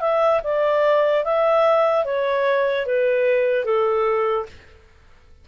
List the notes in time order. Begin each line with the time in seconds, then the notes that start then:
0.00 E5
0.43 D5
1.24 E5
2.05 C#5
2.86 B4
3.64 A4